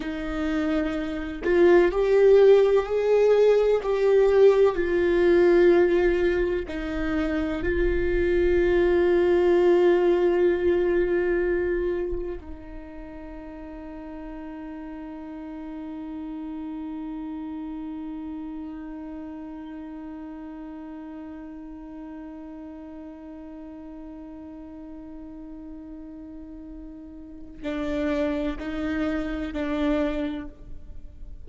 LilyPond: \new Staff \with { instrumentName = "viola" } { \time 4/4 \tempo 4 = 63 dis'4. f'8 g'4 gis'4 | g'4 f'2 dis'4 | f'1~ | f'4 dis'2.~ |
dis'1~ | dis'1~ | dis'1~ | dis'4 d'4 dis'4 d'4 | }